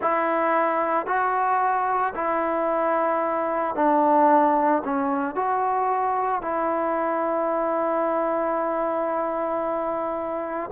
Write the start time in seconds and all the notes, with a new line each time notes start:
0.01 E4
1.06 F#4
2.14 E4
3.75 D4
4.84 C#4
5.35 F#4
6.41 E4